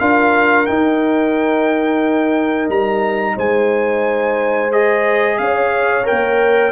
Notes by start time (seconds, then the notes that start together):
0.00 D4 F4 A#4 F5
0.66 D#4 G5
2.69 G3 A#5
3.36 G#3 C5 G#5
4.72 G#4 D#5
5.38 C#4 C#5 F5
6.04 A#4 G5
6.11 A#3